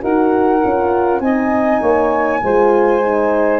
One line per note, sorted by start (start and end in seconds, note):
0.00 0.63 D#4
0.00 0.60 F#4
0.00 1.22 A#4
0.00 1.20 F#5
0.64 1.20 C#4
0.64 1.21 F4
1.20 1.80 C4
1.20 2.41 D#4
1.20 1.80 D#5
1.20 3.60 G#5
1.80 2.42 A#3
1.80 2.40 C#5
2.43 3.60 G#3
2.43 3.02 F4
2.43 3.60 C5
3.02 3.60 D#4